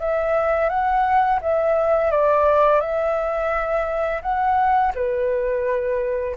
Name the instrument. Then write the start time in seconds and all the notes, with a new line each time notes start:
flute
0.00 E5
0.69 F#5
1.41 E5
2.11 D5
2.80 E5
4.22 F#5
4.95 B4